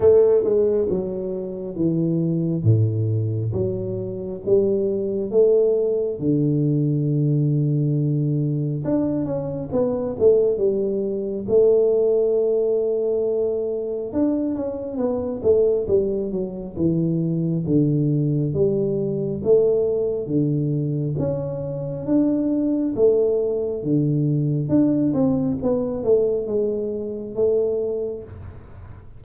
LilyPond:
\new Staff \with { instrumentName = "tuba" } { \time 4/4 \tempo 4 = 68 a8 gis8 fis4 e4 a,4 | fis4 g4 a4 d4~ | d2 d'8 cis'8 b8 a8 | g4 a2. |
d'8 cis'8 b8 a8 g8 fis8 e4 | d4 g4 a4 d4 | cis'4 d'4 a4 d4 | d'8 c'8 b8 a8 gis4 a4 | }